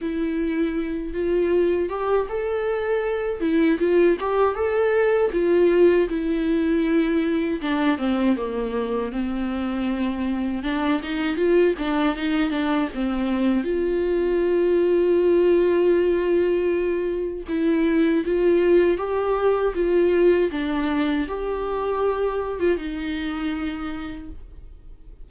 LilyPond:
\new Staff \with { instrumentName = "viola" } { \time 4/4 \tempo 4 = 79 e'4. f'4 g'8 a'4~ | a'8 e'8 f'8 g'8 a'4 f'4 | e'2 d'8 c'8 ais4 | c'2 d'8 dis'8 f'8 d'8 |
dis'8 d'8 c'4 f'2~ | f'2. e'4 | f'4 g'4 f'4 d'4 | g'4.~ g'16 f'16 dis'2 | }